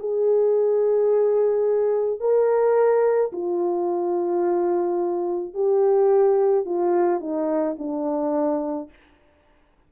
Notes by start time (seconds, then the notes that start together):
0.00 G#4
2.21 A#4
3.33 F4
5.55 G4
6.66 F4
7.21 D#4
7.79 D4